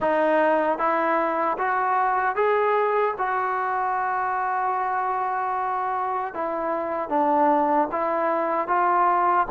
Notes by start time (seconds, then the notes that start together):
0.00 D#4
0.78 E4
1.58 F#4
2.35 G#4
3.18 F#4
6.34 E4
7.09 D4
7.91 E4
8.67 F4